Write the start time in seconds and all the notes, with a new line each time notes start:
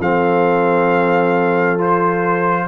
0.00 F3 C4 A4 F5
1.79 F4 C5